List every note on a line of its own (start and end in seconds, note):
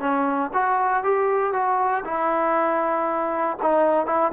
0.00 0.51 C#4
0.53 1.04 F#4
1.04 1.53 G4
1.53 2.04 F#4
2.05 3.57 E4
3.62 4.06 D#4
4.06 4.32 E4